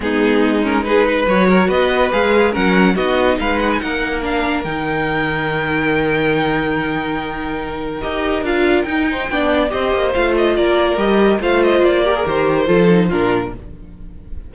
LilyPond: <<
  \new Staff \with { instrumentName = "violin" } { \time 4/4 \tempo 4 = 142 gis'4. ais'8 b'4 cis''4 | dis''4 f''4 fis''4 dis''4 | f''8 fis''16 gis''16 fis''4 f''4 g''4~ | g''1~ |
g''2. dis''4 | f''4 g''2 dis''4 | f''8 dis''8 d''4 dis''4 f''8 dis''8 | d''4 c''2 ais'4 | }
  \new Staff \with { instrumentName = "violin" } { \time 4/4 dis'2 gis'8 b'4 ais'8 | b'2 ais'4 fis'4 | b'4 ais'2.~ | ais'1~ |
ais'1~ | ais'4. c''8 d''4 c''4~ | c''4 ais'2 c''4~ | c''8 ais'4. a'4 f'4 | }
  \new Staff \with { instrumentName = "viola" } { \time 4/4 b4. cis'8 dis'4 fis'4~ | fis'4 gis'4 cis'4 dis'4~ | dis'2 d'4 dis'4~ | dis'1~ |
dis'2. g'4 | f'4 dis'4 d'4 g'4 | f'2 g'4 f'4~ | f'8 g'16 gis'16 g'4 f'8 dis'8 d'4 | }
  \new Staff \with { instrumentName = "cello" } { \time 4/4 gis2. fis4 | b4 gis4 fis4 b4 | gis4 ais2 dis4~ | dis1~ |
dis2. dis'4 | d'4 dis'4 b4 c'8 ais8 | a4 ais4 g4 a4 | ais4 dis4 f4 ais,4 | }
>>